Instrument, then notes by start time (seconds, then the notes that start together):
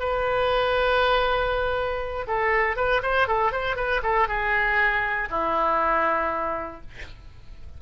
oboe
0.00 B4
2.27 A4
2.77 B4
3.03 C5
3.28 A4
3.52 C5
3.77 B4
4.03 A4
4.28 G#4
5.30 E4